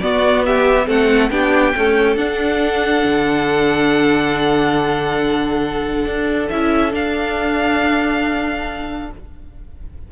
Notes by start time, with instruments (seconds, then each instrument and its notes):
0.00 cello B3, viola B3, violin F#4 D5
0.45 violin G4 E5
0.87 cello A3, viola C4, violin A4 F#5
1.30 cello B3, viola D4, violin G4 G5
1.76 viola A3, cello C#4, violin A4
2.16 cello D4, viola D4, violin F#5
3.05 cello D3
6.06 cello D4
6.49 cello C#4, viola E4, violin E5
6.91 viola D4, cello D4, violin F5